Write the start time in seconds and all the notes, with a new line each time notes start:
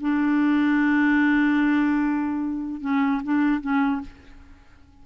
0.00 D4
2.81 C#4
3.23 D4
3.60 C#4